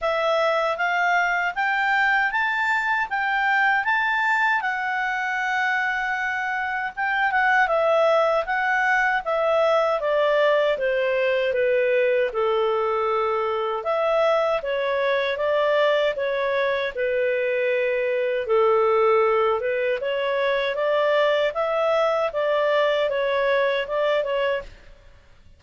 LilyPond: \new Staff \with { instrumentName = "clarinet" } { \time 4/4 \tempo 4 = 78 e''4 f''4 g''4 a''4 | g''4 a''4 fis''2~ | fis''4 g''8 fis''8 e''4 fis''4 | e''4 d''4 c''4 b'4 |
a'2 e''4 cis''4 | d''4 cis''4 b'2 | a'4. b'8 cis''4 d''4 | e''4 d''4 cis''4 d''8 cis''8 | }